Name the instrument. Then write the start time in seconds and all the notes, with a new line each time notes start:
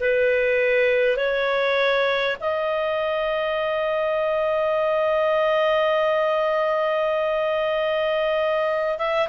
clarinet
0.00 B4
1.17 C#5
2.40 D#5
8.98 E5